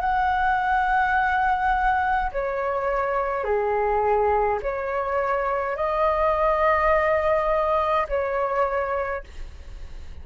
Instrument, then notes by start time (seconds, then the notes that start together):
flute
0.00 F#5
2.32 C#5
3.44 G#4
4.62 C#5
5.76 D#5
8.08 C#5